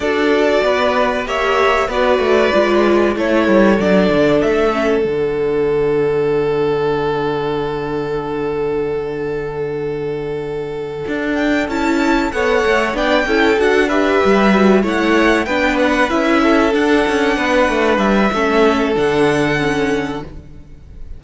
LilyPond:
<<
  \new Staff \with { instrumentName = "violin" } { \time 4/4 \tempo 4 = 95 d''2 e''4 d''4~ | d''4 cis''4 d''4 e''4 | fis''1~ | fis''1~ |
fis''2 g''8 a''4 fis''8~ | fis''8 g''4 fis''8 e''4. fis''8~ | fis''8 g''8 fis''8 e''4 fis''4.~ | fis''8 e''4. fis''2 | }
  \new Staff \with { instrumentName = "violin" } { \time 4/4 a'4 b'4 cis''4 b'4~ | b'4 a'2.~ | a'1~ | a'1~ |
a'2.~ a'8 cis''8~ | cis''8 d''8 a'4 b'4. cis''8~ | cis''8 b'4. a'4. b'8~ | b'4 a'2. | }
  \new Staff \with { instrumentName = "viola" } { \time 4/4 fis'2 g'4 fis'4 | f'4 e'4 d'4. cis'8 | d'1~ | d'1~ |
d'2~ d'8 e'4 a'8~ | a'8 d'8 e'8 fis'8 g'4 fis'8 e'8~ | e'8 d'4 e'4 d'4.~ | d'4 cis'4 d'4 cis'4 | }
  \new Staff \with { instrumentName = "cello" } { \time 4/4 d'4 b4 ais4 b8 a8 | gis4 a8 g8 fis8 d8 a4 | d1~ | d1~ |
d4. d'4 cis'4 b8 | a8 b8 cis'8 d'4 g4 a8~ | a8 b4 cis'4 d'8 cis'8 b8 | a8 g8 a4 d2 | }
>>